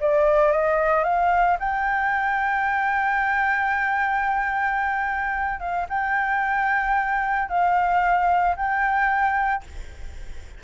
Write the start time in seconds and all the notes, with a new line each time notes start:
0.00 D5
0.51 D#5
1.03 F5
1.59 G5
5.60 F5
5.89 G5
7.49 F5
8.56 G5